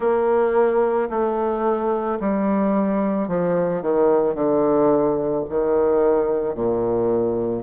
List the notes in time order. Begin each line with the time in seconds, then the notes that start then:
0.00 A#3
1.09 A3
2.20 G3
3.28 F3
3.82 D#3
4.34 D3
5.48 D#3
6.55 A#2